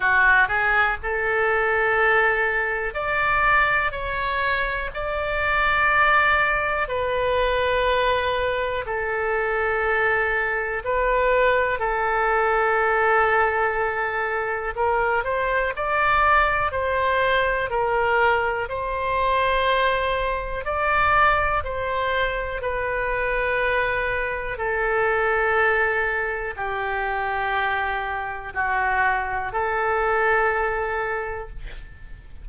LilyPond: \new Staff \with { instrumentName = "oboe" } { \time 4/4 \tempo 4 = 61 fis'8 gis'8 a'2 d''4 | cis''4 d''2 b'4~ | b'4 a'2 b'4 | a'2. ais'8 c''8 |
d''4 c''4 ais'4 c''4~ | c''4 d''4 c''4 b'4~ | b'4 a'2 g'4~ | g'4 fis'4 a'2 | }